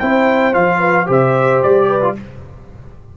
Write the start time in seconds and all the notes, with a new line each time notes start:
0.00 C4 E4 C5 G5
0.54 F3 F4 F5
0.79 B4
1.07 C3 G4 C5 E5
1.63 G3 D5
1.89 B4
2.02 F4